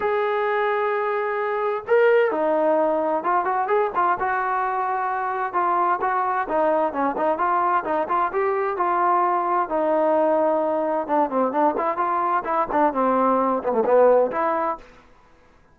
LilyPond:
\new Staff \with { instrumentName = "trombone" } { \time 4/4 \tempo 4 = 130 gis'1 | ais'4 dis'2 f'8 fis'8 | gis'8 f'8 fis'2. | f'4 fis'4 dis'4 cis'8 dis'8 |
f'4 dis'8 f'8 g'4 f'4~ | f'4 dis'2. | d'8 c'8 d'8 e'8 f'4 e'8 d'8 | c'4. b16 a16 b4 e'4 | }